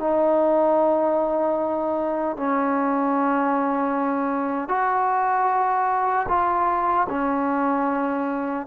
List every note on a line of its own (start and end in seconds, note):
0.00 2.37 D#4
2.37 4.69 C#4
4.69 6.27 F#4
6.29 7.08 F4
7.09 8.67 C#4